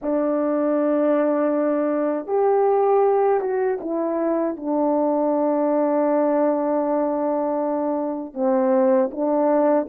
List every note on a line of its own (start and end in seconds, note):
0.02 2.26 D4
2.26 3.40 G4
3.40 3.78 F#4
3.80 4.56 E4
4.56 8.34 D4
8.34 9.10 C4
9.11 9.87 D4